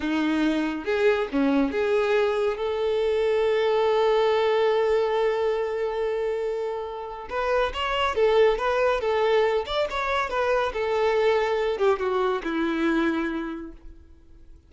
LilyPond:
\new Staff \with { instrumentName = "violin" } { \time 4/4 \tempo 4 = 140 dis'2 gis'4 cis'4 | gis'2 a'2~ | a'1~ | a'1~ |
a'4 b'4 cis''4 a'4 | b'4 a'4. d''8 cis''4 | b'4 a'2~ a'8 g'8 | fis'4 e'2. | }